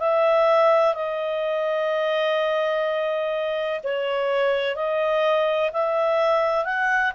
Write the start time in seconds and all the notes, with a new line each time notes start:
0.00 E5
0.95 D#5
3.84 C#5
4.76 D#5
5.73 E5
6.65 F#5